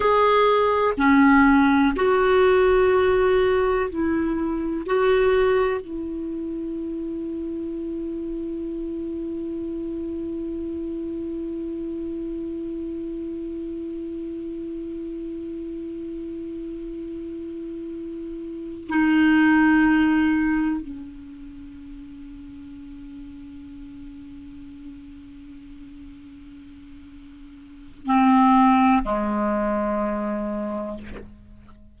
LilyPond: \new Staff \with { instrumentName = "clarinet" } { \time 4/4 \tempo 4 = 62 gis'4 cis'4 fis'2 | e'4 fis'4 e'2~ | e'1~ | e'1~ |
e'2.~ e'8 dis'8~ | dis'4. cis'2~ cis'8~ | cis'1~ | cis'4 c'4 gis2 | }